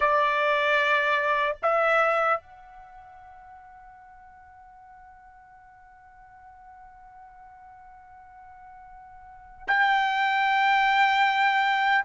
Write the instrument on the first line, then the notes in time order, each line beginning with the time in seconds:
trumpet
0.00 D5
1.62 E5
2.40 F#5
9.67 G5